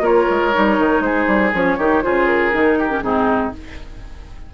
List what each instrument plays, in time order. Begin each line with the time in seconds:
0.00 bassoon A#3, clarinet F4, oboe A#4, flute C#5
0.29 bassoon G#3
0.53 bassoon G3, clarinet D#4
0.78 bassoon D#3
1.00 bassoon G#3, oboe G#4, flute C5
1.27 bassoon G3
1.53 bassoon F3, clarinet C#4, flute C#5
1.78 bassoon D#3, clarinet D#4, oboe G4
2.02 bassoon C#3, clarinet F4, oboe G#4, flute C5
2.26 flute A#4
2.52 bassoon D#3, clarinet D#4
2.78 oboe G4
2.89 clarinet C#4
3.01 bassoon G#2, clarinet C4, oboe D#4, flute G#4